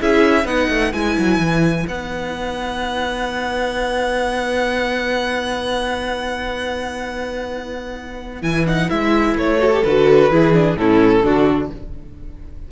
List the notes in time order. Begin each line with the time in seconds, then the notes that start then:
0.00 C#4 E4 G#4 E5
0.45 B3 D#4 B4 F#5
0.70 A3
0.93 G#3 E4 G#5
1.18 F#3
1.38 E3
1.88 B3 D#4 F#5
8.42 E3 E4 G#5
8.66 D#4 F#5
8.88 G#3 E4 E5
9.36 A3 C#5
9.59 F#4 A4
9.72 G4
9.83 D3 F#4 B4
10.31 E3 E4 G#4
10.54 D4
10.75 A2 C#4 E4 A4
11.23 D3 D4 F#4